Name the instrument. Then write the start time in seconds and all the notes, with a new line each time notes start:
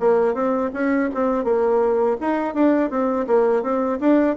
bassoon
0.00 A#3
0.35 C4
0.74 C#4
1.14 C4
1.44 A#3
2.20 D#4
2.54 D4
2.90 C4
3.27 A#3
3.63 C4
4.00 D4